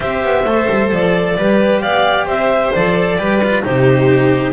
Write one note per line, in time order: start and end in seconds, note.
0.00 0.23 C4
0.00 0.43 G4
0.00 1.35 C5
0.00 0.90 E5
0.23 0.45 B3
0.45 0.67 A3
0.45 1.37 A4
0.69 0.91 G3
0.91 1.36 F3
0.91 1.81 D5
1.37 1.83 G3
1.37 2.74 G4
1.37 1.82 B4
1.81 2.26 B3
1.81 2.25 D5
1.81 2.26 F5
2.25 2.72 C4
2.25 3.16 C5
2.25 2.73 E5
2.73 3.17 F3
2.73 3.18 A4
2.73 3.64 D5
3.17 3.63 G3
3.17 3.41 G4
3.17 3.64 B4
3.43 3.62 F4
3.62 4.52 C3
3.62 4.52 D#4
3.62 4.52 G4
3.62 4.52 C5